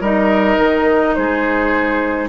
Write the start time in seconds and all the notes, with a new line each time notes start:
0.00 G3 D#4 A#4 D#5
0.58 D#3
1.15 G#3 G#4 C5